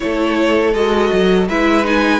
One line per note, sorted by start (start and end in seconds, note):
0.00 0.74 A3
0.00 0.74 E4
0.00 1.48 A4
0.00 0.73 C#5
0.73 1.11 G#3
0.73 1.49 F#4
0.73 1.48 D#5
1.12 1.48 F#3
1.48 2.20 G#3
1.48 1.84 E4
1.48 2.20 B4
1.48 1.85 E5
1.84 2.20 D#4
1.84 2.20 G#5